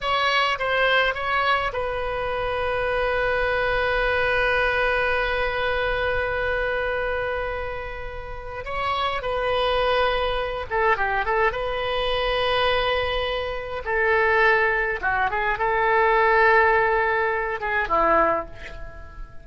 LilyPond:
\new Staff \with { instrumentName = "oboe" } { \time 4/4 \tempo 4 = 104 cis''4 c''4 cis''4 b'4~ | b'1~ | b'1~ | b'2. cis''4 |
b'2~ b'8 a'8 g'8 a'8 | b'1 | a'2 fis'8 gis'8 a'4~ | a'2~ a'8 gis'8 e'4 | }